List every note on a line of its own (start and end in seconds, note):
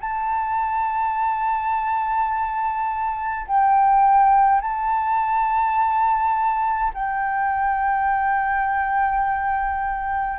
0.00 3.46 A5
3.47 4.61 G5
4.61 6.92 A5
6.94 10.38 G5